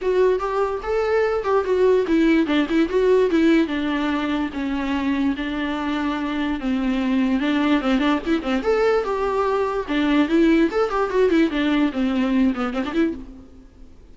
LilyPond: \new Staff \with { instrumentName = "viola" } { \time 4/4 \tempo 4 = 146 fis'4 g'4 a'4. g'8 | fis'4 e'4 d'8 e'8 fis'4 | e'4 d'2 cis'4~ | cis'4 d'2. |
c'2 d'4 c'8 d'8 | e'8 c'8 a'4 g'2 | d'4 e'4 a'8 g'8 fis'8 e'8 | d'4 c'4. b8 c'16 d'16 e'8 | }